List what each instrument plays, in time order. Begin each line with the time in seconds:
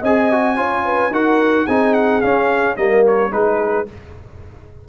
0.00 tuba C4, horn D#5, trumpet G#5
0.06 trombone G#4
0.31 trombone F#4
0.56 tuba C#4, trombone F4, horn C#5
0.85 horn B4
1.11 tuba D#4, trombone F#4, horn A#4, trumpet F#5
1.66 tuba C4, trombone D#4, horn G#4, trumpet G#5
1.94 trumpet F#5
2.21 trombone C#4, tuba C#4, trumpet F5
2.76 tuba G3, trombone A#3, horn A#4, trumpet D#5
3.07 trumpet C#5
3.31 tuba G#3, trombone D#4, horn G#4, trumpet B4